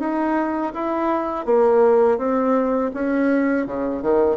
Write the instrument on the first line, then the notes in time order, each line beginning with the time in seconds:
bassoon
0.00 D#4
0.74 E4
1.46 A#3
2.18 C4
2.94 C#4
3.67 C#3
4.03 D#3